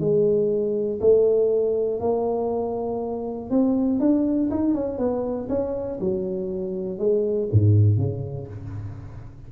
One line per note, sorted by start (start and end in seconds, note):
0.00 1.00 G#3
1.01 2.00 A3
2.00 3.50 A#3
3.51 4.00 C4
4.00 4.50 D4
4.51 4.75 D#4
4.75 4.98 C#4
4.98 5.48 B3
5.50 6.00 C#4
6.00 6.99 F#3
6.99 7.49 G#3
7.52 7.98 G#2
7.98 8.48 C#3